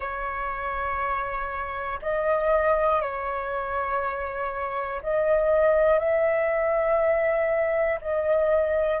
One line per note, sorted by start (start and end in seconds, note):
0.00 1.99 C#5
2.02 3.01 D#5
3.01 5.01 C#5
5.02 5.99 D#5
5.99 7.99 E5
8.00 9.00 D#5